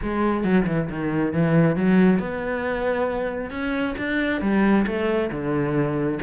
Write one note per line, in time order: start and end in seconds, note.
0.02 0.44 G#3
0.44 0.66 F#3
0.66 0.88 E3
0.89 1.32 D#3
1.32 1.75 E3
1.75 2.19 F#3
2.19 3.50 B3
3.50 3.94 C#4
3.98 4.41 D4
4.41 4.85 G3
4.86 5.30 A3
5.31 6.19 D3